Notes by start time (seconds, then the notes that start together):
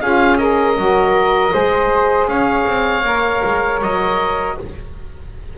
0.00 C#4 F4 G#4 F5
0.37 G#4 A#4 D#5
0.75 F#3 F#4
1.50 G#3 G#4 C5
2.27 C#4 C#5 F5
2.67 C4
3.03 A#3 A#4
3.44 G#3
3.81 F#3 D#5